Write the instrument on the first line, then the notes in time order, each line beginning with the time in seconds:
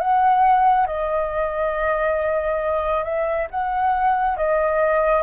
flute
0.00 F#5
0.87 D#5
3.04 E5
3.50 F#5
4.37 D#5